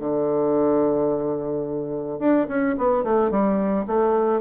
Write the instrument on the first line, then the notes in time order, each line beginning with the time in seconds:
bassoon
0.00 D3
2.19 D4
2.48 C#4
2.78 B3
3.04 A3
3.31 G3
3.87 A3